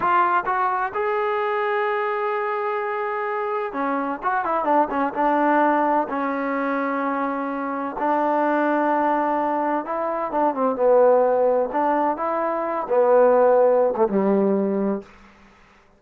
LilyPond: \new Staff \with { instrumentName = "trombone" } { \time 4/4 \tempo 4 = 128 f'4 fis'4 gis'2~ | gis'1 | cis'4 fis'8 e'8 d'8 cis'8 d'4~ | d'4 cis'2.~ |
cis'4 d'2.~ | d'4 e'4 d'8 c'8 b4~ | b4 d'4 e'4. b8~ | b4.~ b16 a16 g2 | }